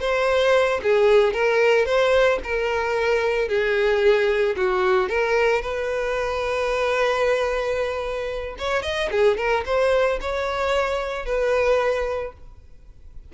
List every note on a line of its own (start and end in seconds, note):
0.00 0.80 C5
0.83 1.33 G#4
1.33 1.86 A#4
1.86 2.39 C5
2.44 3.49 A#4
3.49 4.56 G#4
4.57 5.09 F#4
5.09 5.62 A#4
5.62 8.56 B4
8.58 8.83 C#5
8.83 9.09 D#5
9.11 9.37 G#4
9.37 9.64 A#4
9.66 10.19 C5
10.21 11.26 C#5
11.26 12.33 B4